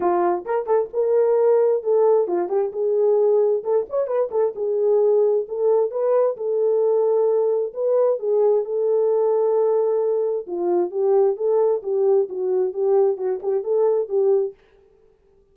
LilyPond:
\new Staff \with { instrumentName = "horn" } { \time 4/4 \tempo 4 = 132 f'4 ais'8 a'8 ais'2 | a'4 f'8 g'8 gis'2 | a'8 cis''8 b'8 a'8 gis'2 | a'4 b'4 a'2~ |
a'4 b'4 gis'4 a'4~ | a'2. f'4 | g'4 a'4 g'4 fis'4 | g'4 fis'8 g'8 a'4 g'4 | }